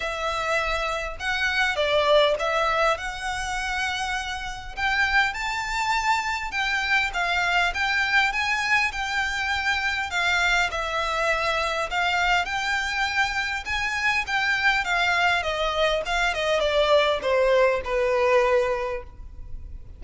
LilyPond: \new Staff \with { instrumentName = "violin" } { \time 4/4 \tempo 4 = 101 e''2 fis''4 d''4 | e''4 fis''2. | g''4 a''2 g''4 | f''4 g''4 gis''4 g''4~ |
g''4 f''4 e''2 | f''4 g''2 gis''4 | g''4 f''4 dis''4 f''8 dis''8 | d''4 c''4 b'2 | }